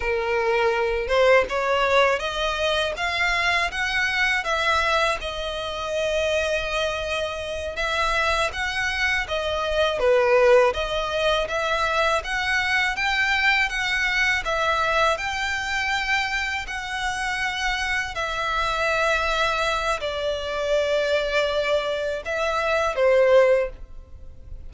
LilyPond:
\new Staff \with { instrumentName = "violin" } { \time 4/4 \tempo 4 = 81 ais'4. c''8 cis''4 dis''4 | f''4 fis''4 e''4 dis''4~ | dis''2~ dis''8 e''4 fis''8~ | fis''8 dis''4 b'4 dis''4 e''8~ |
e''8 fis''4 g''4 fis''4 e''8~ | e''8 g''2 fis''4.~ | fis''8 e''2~ e''8 d''4~ | d''2 e''4 c''4 | }